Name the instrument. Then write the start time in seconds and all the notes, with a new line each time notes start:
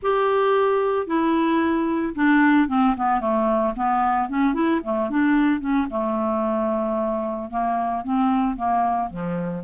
clarinet
0.02 G4
1.07 E4
2.15 D4
2.68 C4
2.96 B3
3.20 A3
3.76 B3
4.29 C#4
4.54 E4
4.83 A3
5.09 D4
5.60 C#4
5.90 A3
7.50 A#3
8.04 C4
8.56 A#3
9.10 F3